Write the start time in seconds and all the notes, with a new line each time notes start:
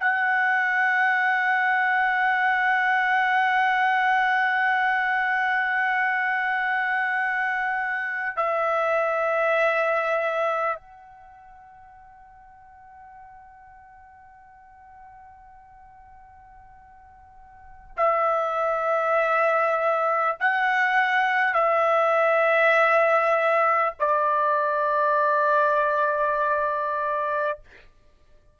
0.00 F#5
8.37 E5
10.77 F#5
17.98 E5
20.40 F#5
21.55 E5
24.00 D5